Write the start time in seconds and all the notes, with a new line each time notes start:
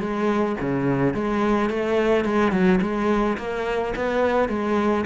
0.00 G#3
0.60 C#3
1.14 G#3
1.69 A3
2.25 G#3
2.52 F#3
2.81 G#3
3.38 A#3
3.96 B3
4.49 G#3